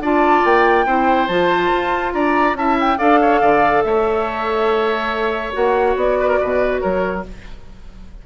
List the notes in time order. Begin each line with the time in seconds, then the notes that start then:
0.00 D4 F4 D5 A5
0.45 A#3 G5
0.86 C4 E4 C5
1.27 F3 F4 A5
1.74 F4
2.13 D4 D5 A#5
2.54 C#4 E4 E5 A5
2.80 G5
2.98 D4 A4 D5 F5
3.22 C#5
3.40 D3 D5
3.83 A3 C#5 E5
5.53 A#3 F#4 F#5
5.96 B3 D5
6.19 B4
6.28 A#4
6.40 B2 B4
6.80 F#3 A#4 C#5